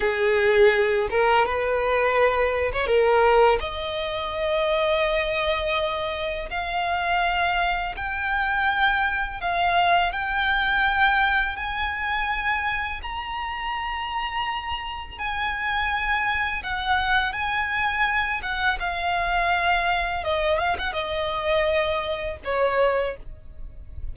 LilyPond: \new Staff \with { instrumentName = "violin" } { \time 4/4 \tempo 4 = 83 gis'4. ais'8 b'4.~ b'16 cis''16 | ais'4 dis''2.~ | dis''4 f''2 g''4~ | g''4 f''4 g''2 |
gis''2 ais''2~ | ais''4 gis''2 fis''4 | gis''4. fis''8 f''2 | dis''8 f''16 fis''16 dis''2 cis''4 | }